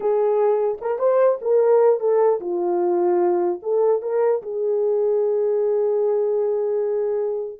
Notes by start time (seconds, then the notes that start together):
0.00 G#4
0.81 A#4
0.98 C5
1.41 A#4
1.99 A4
2.40 F4
3.62 A4
4.02 A#4
4.42 G#4